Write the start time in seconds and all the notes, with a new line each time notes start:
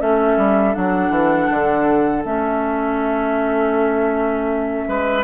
0.00 A3 C#4 A4 E5
0.37 G3
0.74 F#3 D4 F#5
1.10 E3
1.51 D3
2.25 A3 C#4 E5
4.88 G#3 B4